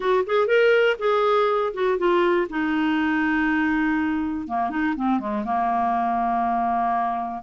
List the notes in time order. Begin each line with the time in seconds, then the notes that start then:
0.00 F#4
0.26 G#4
0.47 A#4
0.98 G#4
1.73 F#4
1.97 F4
2.49 D#4
4.47 A#3
4.70 D#4
4.96 C4
5.19 G#3
5.44 A#3